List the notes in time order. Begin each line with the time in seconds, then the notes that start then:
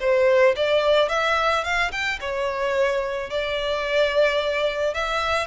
0.00 C5
0.56 D5
1.09 E5
1.64 F5
1.91 G5
2.20 C#5
3.30 D5
4.94 E5